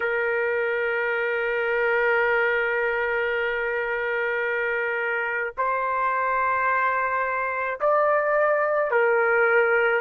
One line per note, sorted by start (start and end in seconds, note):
0.00 5.53 A#4
5.57 7.79 C5
7.80 8.90 D5
8.90 10.01 A#4